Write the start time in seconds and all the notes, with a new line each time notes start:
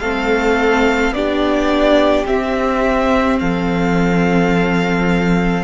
0.00 A3 C4 A4 F5
1.10 B3 D4 G4 D5
2.26 C4 E5
3.39 F3 A4 F5